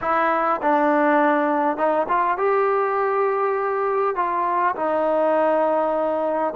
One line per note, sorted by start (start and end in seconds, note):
0.01 0.60 E4
0.62 1.77 D4
1.77 2.07 D#4
2.08 2.37 F4
2.37 4.15 G4
4.15 4.75 F4
4.75 6.53 D#4